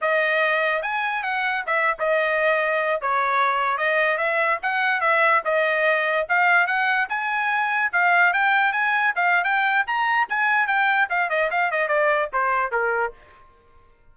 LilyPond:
\new Staff \with { instrumentName = "trumpet" } { \time 4/4 \tempo 4 = 146 dis''2 gis''4 fis''4 | e''8. dis''2~ dis''8 cis''8.~ | cis''4~ cis''16 dis''4 e''4 fis''8.~ | fis''16 e''4 dis''2 f''8.~ |
f''16 fis''4 gis''2 f''8.~ | f''16 g''4 gis''4 f''8. g''4 | ais''4 gis''4 g''4 f''8 dis''8 | f''8 dis''8 d''4 c''4 ais'4 | }